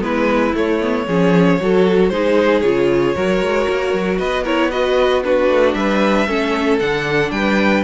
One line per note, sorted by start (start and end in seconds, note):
0.00 0.53 G#3
0.00 0.52 B3
0.00 1.06 E4
0.00 0.55 B4
0.54 0.80 A3
0.54 1.06 A3
0.54 2.08 C#5
0.80 1.06 B3
1.06 1.59 F3
1.06 1.60 C#4
1.06 1.58 G#4
1.60 2.10 F#3
1.60 2.11 F#4
1.60 2.12 A4
2.08 2.62 G#3
2.08 2.63 D#4
2.08 3.15 G#4
2.08 2.60 C5
2.60 3.15 C#3
2.60 3.15 F4
2.60 4.17 C#5
3.15 3.41 F#3
3.15 4.45 F#4
3.15 4.18 A#4
3.41 3.67 G#3
3.68 3.92 A#3
3.92 4.19 F#3
4.18 5.49 B3
4.18 4.42 B4
4.18 4.44 D#5
4.42 4.71 E4
4.42 4.68 A#4
4.42 4.71 C#5
4.71 5.23 F#4
4.71 5.23 B4
4.71 5.23 D#5
5.23 6.27 D4
5.23 5.77 F#4
5.23 5.74 B4
5.49 5.74 A3
5.74 6.26 G3
5.74 6.27 B4
5.74 6.78 E5
6.27 6.79 A3
6.27 6.79 C#4
6.27 7.31 A4
6.79 7.30 D3
6.79 7.84 D4
6.79 7.31 F#5
7.30 7.83 G3
7.30 7.84 B4
7.30 7.83 G5